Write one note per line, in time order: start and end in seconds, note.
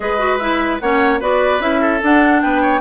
0.00 0.80 G#3
0.00 0.18 G#4
0.00 0.82 B4
0.00 0.38 D#5
0.18 0.38 F#4
0.38 0.81 E4
0.38 0.78 E5
0.79 1.21 A#3
0.79 1.20 C#4
0.79 1.20 C#5
0.79 1.19 F#5
1.20 1.59 B3
1.20 1.60 F#4
1.20 1.80 B4
1.20 1.61 D5
1.59 1.99 C#4
1.59 2.00 E4
1.59 2.01 E5
1.80 2.41 A4
2.02 2.43 D4
2.02 2.80 D4
2.02 2.41 F#5
2.41 2.80 B3
2.41 2.61 B4
2.41 2.80 G5
2.61 2.80 C#5